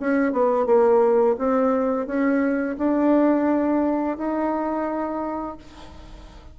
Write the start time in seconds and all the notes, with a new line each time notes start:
0.00 C#4
0.33 B3
0.66 A#3
1.39 C4
2.07 C#4
2.78 D4
4.18 D#4